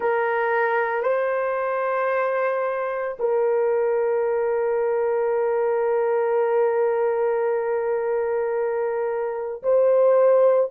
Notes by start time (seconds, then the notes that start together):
0.00 A#4
1.02 C5
3.19 A#4
9.62 C5